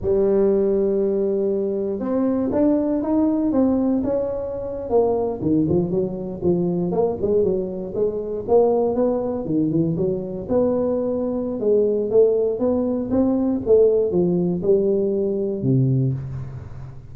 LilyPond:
\new Staff \with { instrumentName = "tuba" } { \time 4/4 \tempo 4 = 119 g1 | c'4 d'4 dis'4 c'4 | cis'4.~ cis'16 ais4 dis8 f8 fis16~ | fis8. f4 ais8 gis8 fis4 gis16~ |
gis8. ais4 b4 dis8 e8 fis16~ | fis8. b2~ b16 gis4 | a4 b4 c'4 a4 | f4 g2 c4 | }